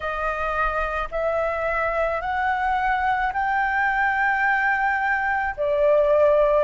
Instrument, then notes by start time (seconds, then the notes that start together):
flute
0.00 D#5
1.11 E5
2.21 F#5
3.33 G5
5.56 D5